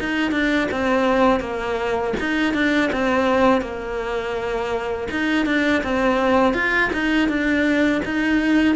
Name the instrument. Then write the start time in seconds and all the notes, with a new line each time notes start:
cello
0.00 D#4
0.32 D4
0.72 C4
1.40 A#3
2.20 D#4
2.54 D4
2.92 C4
3.62 A#3
5.11 D#4
5.46 D4
5.83 C4
6.54 F4
6.93 D#4
7.29 D4
8.05 D#4